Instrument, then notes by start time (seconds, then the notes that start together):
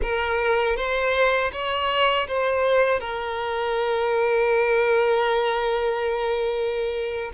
violin
0.01 A#4
0.76 C5
1.52 C#5
2.27 C5
3.00 A#4